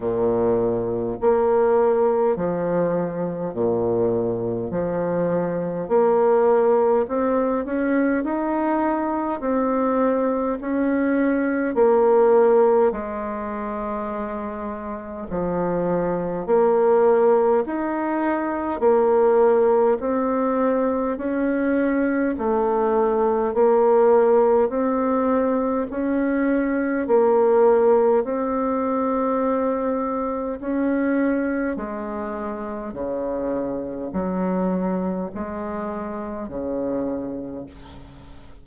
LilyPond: \new Staff \with { instrumentName = "bassoon" } { \time 4/4 \tempo 4 = 51 ais,4 ais4 f4 ais,4 | f4 ais4 c'8 cis'8 dis'4 | c'4 cis'4 ais4 gis4~ | gis4 f4 ais4 dis'4 |
ais4 c'4 cis'4 a4 | ais4 c'4 cis'4 ais4 | c'2 cis'4 gis4 | cis4 fis4 gis4 cis4 | }